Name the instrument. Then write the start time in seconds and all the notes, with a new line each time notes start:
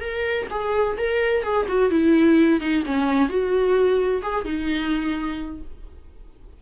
viola
0.00 A#4
0.50 G#4
0.97 A#4
1.42 G#4
1.68 F#4
1.90 E4
2.60 D#4
2.85 C#4
3.29 F#4
4.22 G#4
4.44 D#4